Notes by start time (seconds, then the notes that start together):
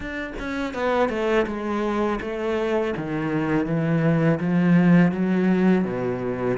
0.00 D4
0.39 C#4
0.74 B3
1.09 A3
1.46 G#3
2.20 A3
2.96 D#3
3.66 E3
4.40 F3
5.11 F#3
5.84 B2